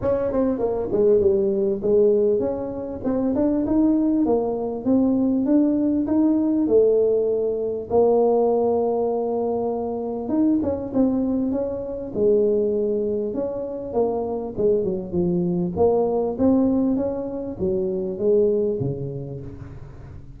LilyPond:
\new Staff \with { instrumentName = "tuba" } { \time 4/4 \tempo 4 = 99 cis'8 c'8 ais8 gis8 g4 gis4 | cis'4 c'8 d'8 dis'4 ais4 | c'4 d'4 dis'4 a4~ | a4 ais2.~ |
ais4 dis'8 cis'8 c'4 cis'4 | gis2 cis'4 ais4 | gis8 fis8 f4 ais4 c'4 | cis'4 fis4 gis4 cis4 | }